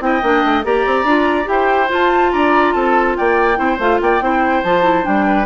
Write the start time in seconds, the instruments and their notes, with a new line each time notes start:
0.00 bassoon C4, clarinet E4, oboe D#5, flute G5
0.23 bassoon A#3, clarinet D4
0.45 bassoon A3
0.64 bassoon A#3, clarinet G4, oboe D5, flute A#5
0.86 bassoon C4
1.04 bassoon D4, clarinet F4
1.45 bassoon E4, clarinet G4, flute G5
1.52 oboe C5
1.88 clarinet F4, flute A5
1.95 bassoon F4
2.32 bassoon D4, oboe D5, flute A#5
2.73 bassoon C4, oboe A4, flute A5
3.17 bassoon A#3, oboe D5, flute G5
3.56 bassoon C4, clarinet E4, oboe C5
3.79 bassoon A3, clarinet F4, flute F5
4.01 bassoon A#3, oboe D5, flute G5
4.21 bassoon C4, clarinet E4, oboe C5
4.63 bassoon F3, clarinet F4, flute A5
4.82 clarinet E4
5.03 bassoon G3, clarinet D4, flute G5
5.27 oboe B4